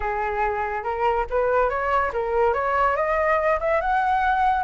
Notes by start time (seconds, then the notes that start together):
0.00 G#4
0.83 A#4
1.30 B4
1.69 C#5
2.13 A#4
2.53 C#5
2.96 D#5
3.60 E5
3.80 F#5